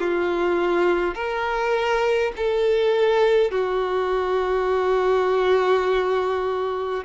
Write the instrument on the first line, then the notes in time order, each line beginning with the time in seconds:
violin
0.00 F4
1.15 A#4
2.37 A4
3.52 F#4